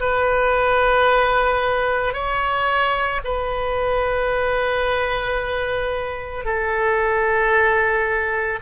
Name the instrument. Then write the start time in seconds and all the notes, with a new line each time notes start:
oboe
0.00 B4
2.13 C#5
3.24 B4
6.45 A4